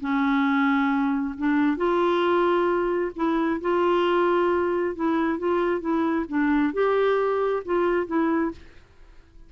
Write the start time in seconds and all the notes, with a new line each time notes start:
0.00 C#4
1.37 D4
1.77 F4
3.16 E4
3.61 F4
4.95 E4
5.38 F4
5.80 E4
6.28 D4
6.73 G4
7.65 F4
8.06 E4